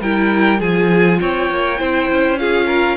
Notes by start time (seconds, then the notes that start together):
0.00 G3 E4 A#4 G5
0.58 F3 F4 G#4 G#5
1.19 C4 C#5 G5
1.49 A#3
1.77 C4 E4 C5
2.11 C#4
2.38 F4 G#4 F5
2.66 A#4